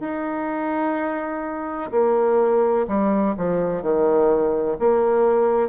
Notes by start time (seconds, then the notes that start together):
0.00 D#4
1.91 A#3
2.87 G3
3.37 F3
3.82 D#3
4.79 A#3